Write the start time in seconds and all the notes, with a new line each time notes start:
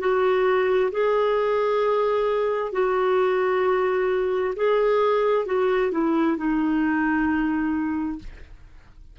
0.00 F#4
0.92 G#4
2.73 F#4
4.57 G#4
5.46 F#4
5.92 E4
6.37 D#4